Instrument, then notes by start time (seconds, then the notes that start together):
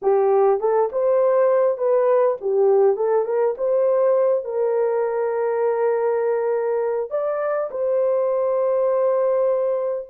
horn
0.01 G4
0.59 A4
0.92 C5
1.77 B4
2.40 G4
2.96 A4
3.25 A#4
3.57 C5
4.44 A#4
7.10 D5
7.70 C5